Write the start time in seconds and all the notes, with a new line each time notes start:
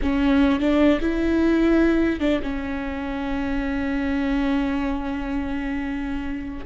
0.02 C#4
0.59 D4
1.01 E4
2.20 D4
2.42 C#4